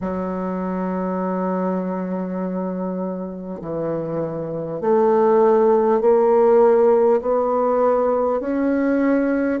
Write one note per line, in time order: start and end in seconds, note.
0.01 3.61 F#3
3.61 4.80 E3
4.80 6.00 A3
6.00 7.20 A#3
7.21 8.40 B3
8.40 9.60 C#4